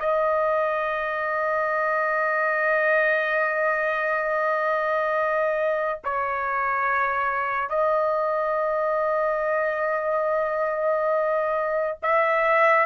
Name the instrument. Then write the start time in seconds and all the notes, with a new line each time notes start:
trumpet
0.00 D#5
6.05 C#5
7.70 D#5
12.03 E5